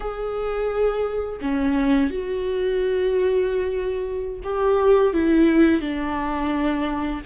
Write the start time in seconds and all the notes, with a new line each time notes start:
0.00 G#4
1.41 C#4
2.10 F#4
4.43 G4
5.13 E4
5.81 D4